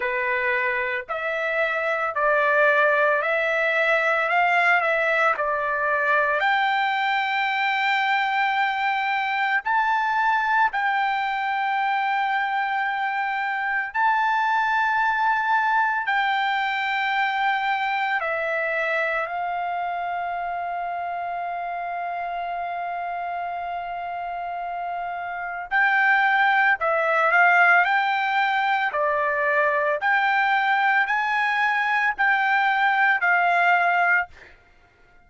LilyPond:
\new Staff \with { instrumentName = "trumpet" } { \time 4/4 \tempo 4 = 56 b'4 e''4 d''4 e''4 | f''8 e''8 d''4 g''2~ | g''4 a''4 g''2~ | g''4 a''2 g''4~ |
g''4 e''4 f''2~ | f''1 | g''4 e''8 f''8 g''4 d''4 | g''4 gis''4 g''4 f''4 | }